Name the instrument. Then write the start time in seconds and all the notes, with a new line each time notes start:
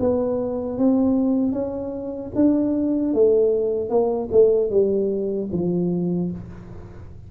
tuba
0.00 B3
0.78 C4
1.53 C#4
2.36 D4
3.14 A3
3.90 A#3
4.32 A3
4.70 G3
5.52 F3